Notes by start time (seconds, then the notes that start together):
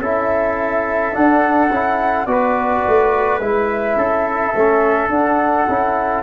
0.00 C#4 E4 A4 E5
1.13 D4 F#5
1.71 C#4 E4
2.26 B3 F#4 B4 D5
2.87 A3
3.40 G#3 E4 E5
3.96 C#4 A4
4.56 A3 C#4
5.10 D4 F#5
5.69 C#4 E4